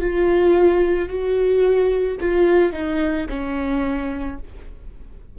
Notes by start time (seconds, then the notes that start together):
0.00 F4
1.08 F#4
2.20 F4
2.72 D#4
3.29 C#4